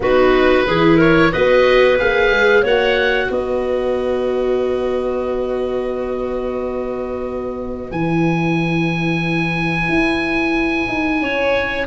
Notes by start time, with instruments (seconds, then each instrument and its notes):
0.00 tuba B3, viola D#4, clarinet F#4, oboe B4
0.66 tuba E3, viola E4, clarinet G#4
0.97 clarinet A#4, oboe C#5
1.32 tuba B3, viola F#4, clarinet B4, oboe D#5
1.98 tuba A#3, viola G#4, oboe F5
2.30 tuba G#3
2.62 tuba A#3, viola F#4, clarinet C#5, oboe F#5
3.27 tuba B3, clarinet B4, oboe D#5
7.91 tuba E3, viola E4, oboe G#5
9.88 tuba E4
10.88 tuba D#4
11.21 tuba C#4, clarinet C#5